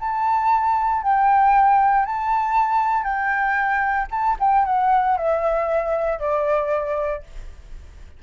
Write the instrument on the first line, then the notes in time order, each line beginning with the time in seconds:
flute
0.00 A5
1.03 G5
2.06 A5
3.04 G5
4.11 A5
4.40 G5
4.66 F#5
5.18 E5
6.20 D5